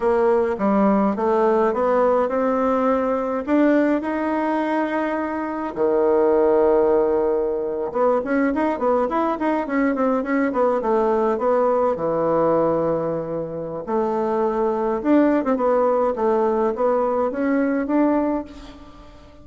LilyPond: \new Staff \with { instrumentName = "bassoon" } { \time 4/4 \tempo 4 = 104 ais4 g4 a4 b4 | c'2 d'4 dis'4~ | dis'2 dis2~ | dis4.~ dis16 b8 cis'8 dis'8 b8 e'16~ |
e'16 dis'8 cis'8 c'8 cis'8 b8 a4 b16~ | b8. e2.~ e16 | a2 d'8. c'16 b4 | a4 b4 cis'4 d'4 | }